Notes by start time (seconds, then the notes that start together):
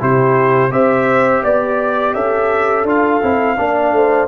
0.00 C3 E4 G4 C5
0.71 C4 G4 C5 E5
1.43 B3 D5
2.14 C#4 A4 E5
2.84 D4 F4 F5
3.23 C4 E4
3.57 A#3 D4 D5
3.92 A3 C5